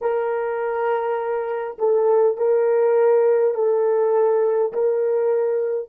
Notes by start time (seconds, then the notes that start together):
0.01 A#4
1.78 A4
2.37 A#4
3.54 A4
4.72 A#4